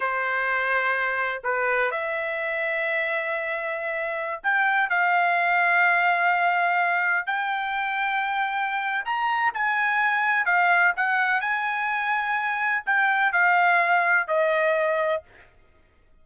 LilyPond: \new Staff \with { instrumentName = "trumpet" } { \time 4/4 \tempo 4 = 126 c''2. b'4 | e''1~ | e''4~ e''16 g''4 f''4.~ f''16~ | f''2.~ f''16 g''8.~ |
g''2. ais''4 | gis''2 f''4 fis''4 | gis''2. g''4 | f''2 dis''2 | }